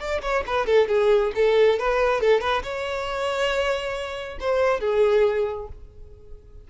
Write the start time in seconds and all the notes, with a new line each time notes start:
0.00 D5
0.22 C#5
0.47 B4
0.66 A4
0.89 G#4
1.35 A4
1.79 B4
2.21 A4
2.41 B4
2.63 C#5
4.40 C5
4.81 G#4